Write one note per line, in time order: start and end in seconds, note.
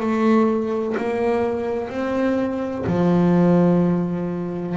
0.00 0.95 A3
0.97 1.90 A#3
1.90 2.85 C4
2.86 4.77 F3